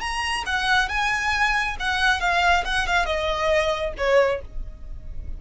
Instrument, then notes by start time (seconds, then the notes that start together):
violin
0.00 A#5
0.46 F#5
0.89 G#5
1.79 F#5
2.20 F5
2.65 F#5
2.86 F5
3.05 D#5
3.97 C#5